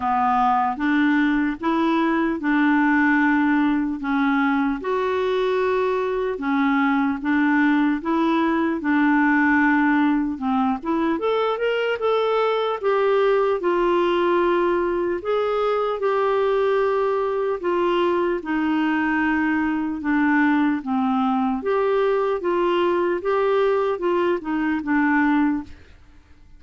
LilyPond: \new Staff \with { instrumentName = "clarinet" } { \time 4/4 \tempo 4 = 75 b4 d'4 e'4 d'4~ | d'4 cis'4 fis'2 | cis'4 d'4 e'4 d'4~ | d'4 c'8 e'8 a'8 ais'8 a'4 |
g'4 f'2 gis'4 | g'2 f'4 dis'4~ | dis'4 d'4 c'4 g'4 | f'4 g'4 f'8 dis'8 d'4 | }